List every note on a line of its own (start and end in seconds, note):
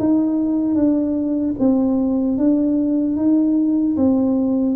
0.00 0.75 D#4
0.75 1.55 D4
1.59 2.38 C4
2.38 3.16 D4
3.16 3.96 D#4
3.97 4.76 C4